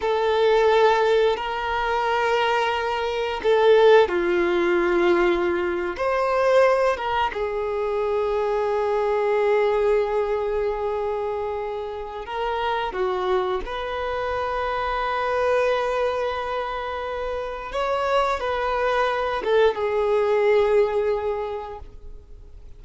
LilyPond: \new Staff \with { instrumentName = "violin" } { \time 4/4 \tempo 4 = 88 a'2 ais'2~ | ais'4 a'4 f'2~ | f'8. c''4. ais'8 gis'4~ gis'16~ | gis'1~ |
gis'2 ais'4 fis'4 | b'1~ | b'2 cis''4 b'4~ | b'8 a'8 gis'2. | }